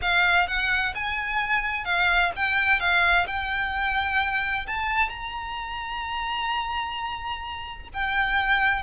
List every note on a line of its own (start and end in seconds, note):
0.01 0.47 F5
0.47 0.94 F#5
0.94 1.85 G#5
1.85 2.31 F5
2.36 2.79 G5
2.79 3.26 F5
3.27 4.66 G5
4.66 5.09 A5
5.09 7.88 A#5
7.93 8.82 G5